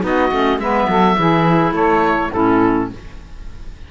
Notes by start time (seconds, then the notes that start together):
0.00 B3 D#4 F#4 D#5
0.31 A3 C#4
0.58 G#3 B3 B4 E5
0.88 F#3 A4
1.17 E3 E4 G#4
1.72 A3 A4 C#5
2.31 A2 C#4 E4 A4